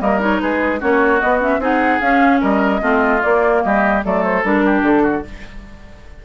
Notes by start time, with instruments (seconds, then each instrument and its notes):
0.00 bassoon G3, clarinet A#3, oboe A#4, flute D#5
0.19 clarinet D#4, flute C#5
0.40 bassoon G#3, oboe G#4, flute B4
0.79 bassoon A#3, clarinet C#4, oboe F#4, flute C#5
1.20 clarinet B3, bassoon B3, flute D#5
1.40 clarinet C#4, flute E5
1.58 bassoon C4, clarinet D#4, oboe G#4, flute F#5
2.00 bassoon C#4, clarinet C#4, flute F5
2.40 bassoon G3, oboe A#4, flute D#5
2.79 bassoon A3, clarinet C4, oboe F4
3.22 clarinet A#3, bassoon A#3, flute D5
3.62 bassoon G3, oboe G4, flute D#5
4.03 bassoon F#3, clarinet A3, oboe A4, flute D5
4.24 flute C5
4.43 bassoon G3, clarinet D4, flute A#4
4.65 oboe G4
4.82 bassoon D3, flute A4
5.02 oboe F#4